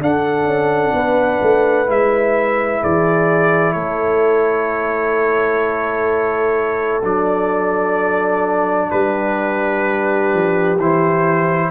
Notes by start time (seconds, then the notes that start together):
0.00 D4 A4 F#5
0.45 C#4
0.94 B3 B4
1.42 A3
1.86 G#3 E4 E5
2.81 E3 G#4 D5
3.73 A3 A4 C#5
7.03 F#3 D4 D5
8.90 G3 G4 B4
10.34 F3
10.78 E3 E4 C5